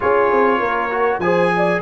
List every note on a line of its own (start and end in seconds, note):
0.00 0.31 C#4
0.00 0.90 F4
0.00 0.59 G#4
0.00 1.20 C#5
0.31 0.59 C4
0.59 1.18 A#3
0.59 1.20 A#4
0.90 1.21 F#4
1.18 1.80 F3
1.18 1.81 G#4
1.18 1.54 C5
1.18 1.81 G#5
1.56 1.81 D5